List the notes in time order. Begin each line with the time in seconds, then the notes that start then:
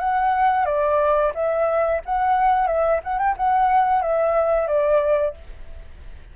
0.00 F#5
0.66 D5
1.35 E5
2.06 F#5
2.67 E5
3.04 F#5
3.19 G5
3.37 F#5
4.02 E5
4.68 D5